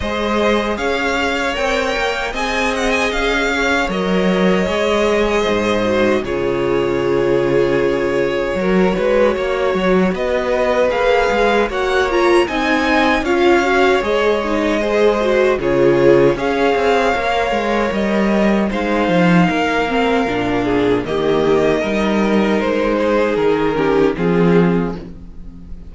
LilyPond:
<<
  \new Staff \with { instrumentName = "violin" } { \time 4/4 \tempo 4 = 77 dis''4 f''4 g''4 gis''8 fis''16 gis''16 | f''4 dis''2. | cis''1~ | cis''4 dis''4 f''4 fis''8 ais''8 |
gis''4 f''4 dis''2 | cis''4 f''2 dis''4 | f''2. dis''4~ | dis''4 c''4 ais'4 gis'4 | }
  \new Staff \with { instrumentName = "violin" } { \time 4/4 c''4 cis''2 dis''4~ | dis''8 cis''2~ cis''8 c''4 | gis'2. ais'8 b'8 | cis''4 b'2 cis''4 |
dis''4 cis''2 c''4 | gis'4 cis''2. | c''4 ais'4. gis'8 g'4 | ais'4. gis'4 g'8 f'4 | }
  \new Staff \with { instrumentName = "viola" } { \time 4/4 gis'2 ais'4 gis'4~ | gis'4 ais'4 gis'4. fis'8 | f'2. fis'4~ | fis'2 gis'4 fis'8 f'8 |
dis'4 f'8 fis'8 gis'8 dis'8 gis'8 fis'8 | f'4 gis'4 ais'2 | dis'4. c'8 d'4 ais4 | dis'2~ dis'8 cis'8 c'4 | }
  \new Staff \with { instrumentName = "cello" } { \time 4/4 gis4 cis'4 c'8 ais8 c'4 | cis'4 fis4 gis4 gis,4 | cis2. fis8 gis8 | ais8 fis8 b4 ais8 gis8 ais4 |
c'4 cis'4 gis2 | cis4 cis'8 c'8 ais8 gis8 g4 | gis8 f8 ais4 ais,4 dis4 | g4 gis4 dis4 f4 | }
>>